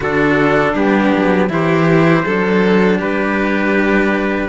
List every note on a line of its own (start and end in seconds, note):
0.00 0.74 D3
0.00 0.76 D4
0.00 0.72 F#4
0.00 0.75 A4
0.72 1.12 G3
0.72 1.49 B3
0.72 1.47 D4
0.72 1.50 G4
1.16 1.50 F#3
1.49 2.25 E3
1.49 2.24 E4
1.49 2.24 G4
1.49 3.00 C5
2.24 3.00 F#3
2.24 4.48 D4
2.24 2.98 A4
2.98 4.48 G3
2.98 4.48 G4
2.98 4.48 B4